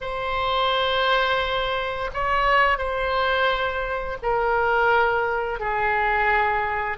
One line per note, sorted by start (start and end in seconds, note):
0.01 2.10 C5
2.13 2.77 C#5
2.77 4.17 C5
4.22 5.59 A#4
5.59 6.97 G#4